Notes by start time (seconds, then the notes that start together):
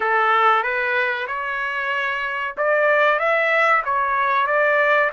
0.00 A4
0.63 B4
1.27 C#5
2.57 D5
3.19 E5
3.84 C#5
4.46 D5